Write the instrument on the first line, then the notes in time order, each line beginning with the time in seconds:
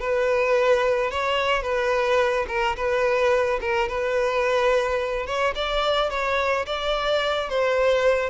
violin
0.00 B4
1.11 C#5
1.62 B4
2.48 A#4
2.76 B4
3.61 A#4
3.88 B4
5.26 C#5
5.55 D5
6.10 C#5
6.66 D5
7.49 C5